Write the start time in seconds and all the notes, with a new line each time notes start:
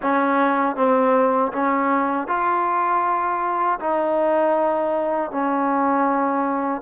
0.02 C#4
0.76 C4
1.52 C#4
2.27 F4
3.80 D#4
5.31 C#4